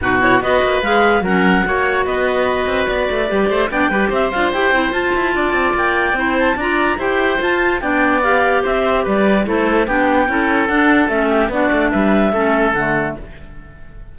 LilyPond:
<<
  \new Staff \with { instrumentName = "clarinet" } { \time 4/4 \tempo 4 = 146 b'8 cis''8 dis''4 f''4 fis''4~ | fis''4 dis''2 d''4~ | d''4 g''4 e''8 f''8 g''4 | a''2 g''4. a''8 |
ais''4 g''4 a''4 g''4 | f''4 e''4 d''4 c''4 | g''2 fis''4 e''4 | d''4 e''2 fis''4 | }
  \new Staff \with { instrumentName = "oboe" } { \time 4/4 fis'4 b'2 ais'4 | cis''4 b'2.~ | b'8 c''8 d''8 b'8 c''2~ | c''4 d''2 c''4 |
d''4 c''2 d''4~ | d''4 c''4 b'4 a'4 | g'4 a'2~ a'8 g'8 | fis'4 b'4 a'2 | }
  \new Staff \with { instrumentName = "clarinet" } { \time 4/4 dis'8 e'8 fis'4 gis'4 cis'4 | fis'1 | g'4 d'8 g'4 f'8 g'8 e'8 | f'2. e'4 |
f'4 g'4 f'4 d'4 | g'2. e'4 | d'4 e'4 d'4 cis'4 | d'2 cis'4 a4 | }
  \new Staff \with { instrumentName = "cello" } { \time 4/4 b,4 b8 ais8 gis4 fis4 | ais4 b4. c'8 b8 a8 | g8 a8 b8 g8 c'8 d'8 e'8 c'8 | f'8 e'8 d'8 c'8 ais4 c'4 |
d'4 e'4 f'4 b4~ | b4 c'4 g4 a4 | b4 cis'4 d'4 a4 | b8 a8 g4 a4 d4 | }
>>